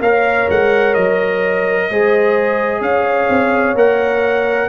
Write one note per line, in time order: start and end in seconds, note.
0.00 0.47 A#3
0.00 1.91 A#4
0.00 1.89 C#5
0.00 0.49 F5
0.50 0.97 G#3
0.50 0.94 F#5
0.94 1.90 F#3
0.94 2.82 D#5
1.90 2.81 G#3
1.90 3.76 G#4
1.90 2.82 C5
2.81 3.28 C#4
2.81 4.69 C#5
2.81 3.76 F5
3.29 3.74 C4
3.74 4.68 A#3
3.74 4.69 A#4
3.74 4.69 F#5